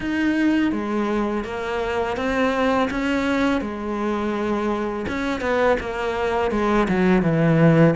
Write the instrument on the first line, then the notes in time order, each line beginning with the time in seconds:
cello
0.00 D#4
0.72 G#3
1.44 A#3
2.17 C4
2.90 C#4
3.61 G#3
5.08 C#4
5.41 B3
5.80 A#3
6.51 G#3
6.88 F#3
7.22 E3